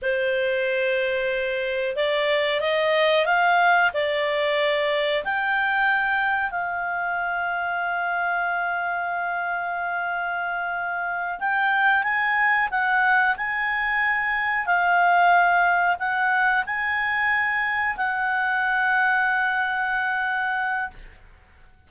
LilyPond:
\new Staff \with { instrumentName = "clarinet" } { \time 4/4 \tempo 4 = 92 c''2. d''4 | dis''4 f''4 d''2 | g''2 f''2~ | f''1~ |
f''4. g''4 gis''4 fis''8~ | fis''8 gis''2 f''4.~ | f''8 fis''4 gis''2 fis''8~ | fis''1 | }